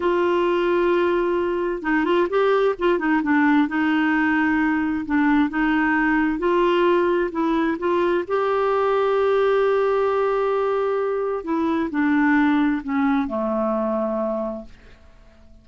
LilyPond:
\new Staff \with { instrumentName = "clarinet" } { \time 4/4 \tempo 4 = 131 f'1 | dis'8 f'8 g'4 f'8 dis'8 d'4 | dis'2. d'4 | dis'2 f'2 |
e'4 f'4 g'2~ | g'1~ | g'4 e'4 d'2 | cis'4 a2. | }